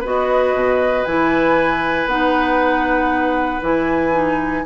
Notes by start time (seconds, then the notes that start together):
0.00 B3 F#4 B4
0.07 D#5
0.54 B2
1.05 E3 E4 G#5
2.06 B3 D#4 F#5
3.61 E3 E4 G#5
4.12 D#4